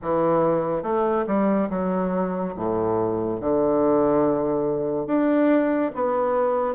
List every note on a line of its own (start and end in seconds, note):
0.02 0.83 E3
0.83 1.25 A3
1.26 1.69 G3
1.69 2.54 F#3
2.55 3.40 A2
3.40 5.07 D3
5.07 5.91 D4
5.94 6.75 B3